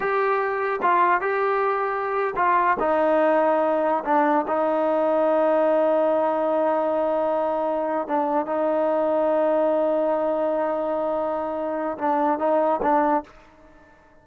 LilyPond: \new Staff \with { instrumentName = "trombone" } { \time 4/4 \tempo 4 = 145 g'2 f'4 g'4~ | g'4.~ g'16 f'4 dis'4~ dis'16~ | dis'4.~ dis'16 d'4 dis'4~ dis'16~ | dis'1~ |
dis'2.~ dis'8 d'8~ | d'8 dis'2.~ dis'8~ | dis'1~ | dis'4 d'4 dis'4 d'4 | }